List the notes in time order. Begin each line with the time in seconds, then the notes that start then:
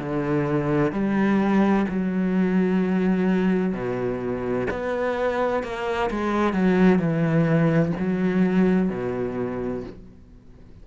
0.00 D3
0.92 G3
1.89 F#3
3.74 B2
4.71 B3
5.63 A#3
6.11 G#3
6.54 F#3
6.99 E3
7.99 F#3
8.90 B2